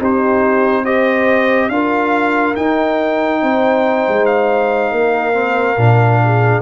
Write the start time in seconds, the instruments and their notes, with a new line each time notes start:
0.00 tuba C4, trombone D#4, horn G4, trumpet C5
0.83 trombone G4, horn C5, trumpet D#5
1.69 tuba D4, trombone F4, horn A#4, trumpet F5
2.56 trombone D#4, tuba D#4, trumpet G5
3.42 tuba C4, horn C5
4.08 tuba G#3
4.26 trumpet F5
4.91 tuba A#3, horn A#4
5.33 trombone C4
5.77 tuba A#2, trombone D4
6.24 horn G#4